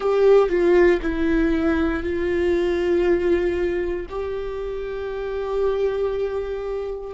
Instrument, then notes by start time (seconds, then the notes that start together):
viola
0.00 G4
0.49 F4
1.02 E4
2.03 F4
4.09 G4